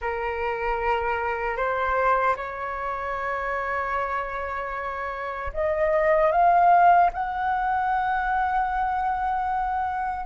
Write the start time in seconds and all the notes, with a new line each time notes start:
0.01 A#4
1.56 C5
2.36 C#5
5.53 D#5
6.31 F5
7.13 F#5